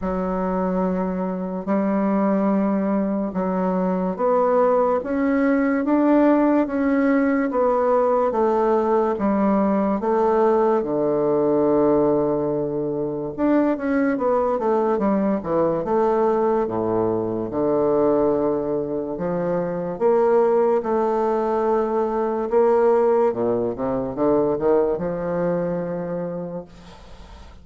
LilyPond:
\new Staff \with { instrumentName = "bassoon" } { \time 4/4 \tempo 4 = 72 fis2 g2 | fis4 b4 cis'4 d'4 | cis'4 b4 a4 g4 | a4 d2. |
d'8 cis'8 b8 a8 g8 e8 a4 | a,4 d2 f4 | ais4 a2 ais4 | ais,8 c8 d8 dis8 f2 | }